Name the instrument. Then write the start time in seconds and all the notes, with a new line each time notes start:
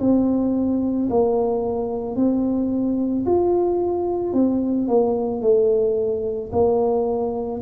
tuba
0.00 C4
1.10 A#3
2.16 C4
3.26 F4
4.33 C4
4.87 A#3
5.41 A3
6.52 A#3